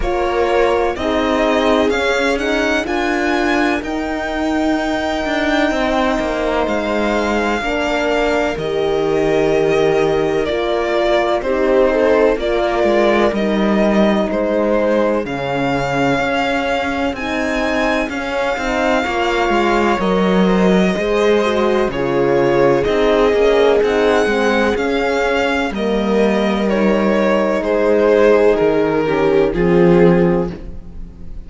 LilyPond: <<
  \new Staff \with { instrumentName = "violin" } { \time 4/4 \tempo 4 = 63 cis''4 dis''4 f''8 fis''8 gis''4 | g''2. f''4~ | f''4 dis''2 d''4 | c''4 d''4 dis''4 c''4 |
f''2 gis''4 f''4~ | f''4 dis''2 cis''4 | dis''4 fis''4 f''4 dis''4 | cis''4 c''4 ais'4 gis'4 | }
  \new Staff \with { instrumentName = "viola" } { \time 4/4 ais'4 gis'2 ais'4~ | ais'2 c''2 | ais'1 | g'8 a'8 ais'2 gis'4~ |
gis'1 | cis''4. c''16 ais'16 c''4 gis'4~ | gis'2. ais'4~ | ais'4 gis'4. g'8 f'4 | }
  \new Staff \with { instrumentName = "horn" } { \time 4/4 f'4 dis'4 cis'8 dis'8 f'4 | dis'1 | d'4 g'2 f'4 | dis'4 f'4 dis'2 |
cis'2 dis'4 cis'8 dis'8 | f'4 ais'4 gis'8 fis'8 f'4 | dis'8 cis'8 dis'8 c'8 cis'4 ais4 | dis'2~ dis'8 cis'8 c'4 | }
  \new Staff \with { instrumentName = "cello" } { \time 4/4 ais4 c'4 cis'4 d'4 | dis'4. d'8 c'8 ais8 gis4 | ais4 dis2 ais4 | c'4 ais8 gis8 g4 gis4 |
cis4 cis'4 c'4 cis'8 c'8 | ais8 gis8 fis4 gis4 cis4 | c'8 ais8 c'8 gis8 cis'4 g4~ | g4 gis4 dis4 f4 | }
>>